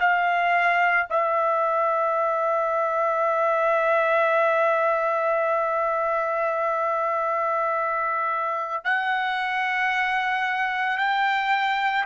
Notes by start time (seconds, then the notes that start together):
0.00 F5
1.10 E5
8.85 F#5
10.98 G5